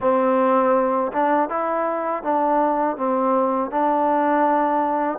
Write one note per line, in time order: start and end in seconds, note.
0.00 1.11 C4
1.12 1.48 D4
1.48 2.23 E4
2.23 2.96 D4
2.96 3.70 C4
3.70 5.19 D4